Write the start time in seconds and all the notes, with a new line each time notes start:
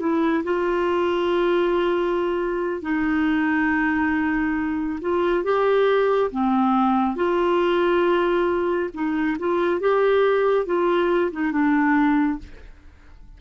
0.00 E4
0.44 F4
2.82 D#4
5.01 F4
5.44 G4
6.31 C4
7.16 F4
8.94 D#4
9.39 F4
9.80 G4
10.66 F4
11.32 D#4
11.52 D4